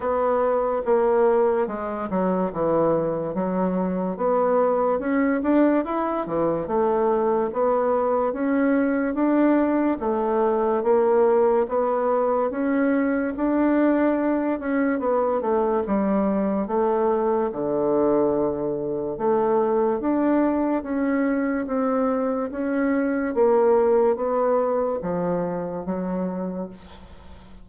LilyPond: \new Staff \with { instrumentName = "bassoon" } { \time 4/4 \tempo 4 = 72 b4 ais4 gis8 fis8 e4 | fis4 b4 cis'8 d'8 e'8 e8 | a4 b4 cis'4 d'4 | a4 ais4 b4 cis'4 |
d'4. cis'8 b8 a8 g4 | a4 d2 a4 | d'4 cis'4 c'4 cis'4 | ais4 b4 f4 fis4 | }